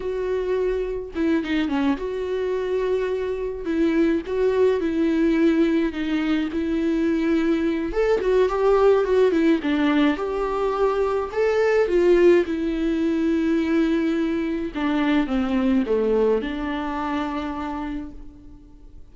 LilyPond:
\new Staff \with { instrumentName = "viola" } { \time 4/4 \tempo 4 = 106 fis'2 e'8 dis'8 cis'8 fis'8~ | fis'2~ fis'8 e'4 fis'8~ | fis'8 e'2 dis'4 e'8~ | e'2 a'8 fis'8 g'4 |
fis'8 e'8 d'4 g'2 | a'4 f'4 e'2~ | e'2 d'4 c'4 | a4 d'2. | }